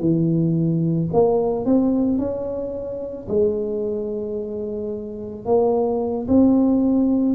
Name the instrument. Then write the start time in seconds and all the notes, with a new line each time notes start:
tuba
0.00 E3
1.13 A#3
1.66 C4
2.19 C#4
3.29 G#3
5.45 A#3
6.28 C4